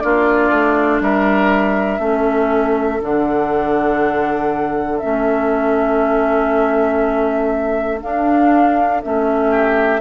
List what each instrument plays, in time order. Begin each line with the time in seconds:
0.00 bassoon A#3, clarinet D4, oboe F4, flute D5
0.50 bassoon A3
1.01 bassoon G3, oboe A#4, flute E5
1.99 bassoon A3, clarinet C#4, oboe A4
3.01 bassoon D3, clarinet D4, flute F#5
4.99 bassoon A3, clarinet C#4, flute E5
8.01 clarinet D4, bassoon D4, flute F5
9.03 bassoon A3, clarinet C#4, flute E5
9.51 oboe G4